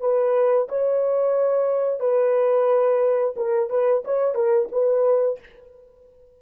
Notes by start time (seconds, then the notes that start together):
0.00 B4
0.68 C#5
1.99 B4
3.36 A#4
3.70 B4
4.04 C#5
4.35 A#4
4.72 B4